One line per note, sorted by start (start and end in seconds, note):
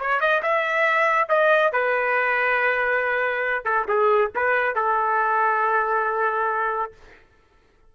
0.00 0.21 C#5
0.21 0.42 D#5
0.43 1.29 E5
1.29 1.73 D#5
1.73 3.65 B4
3.65 3.87 A4
3.88 4.32 G#4
4.36 4.76 B4
4.76 6.93 A4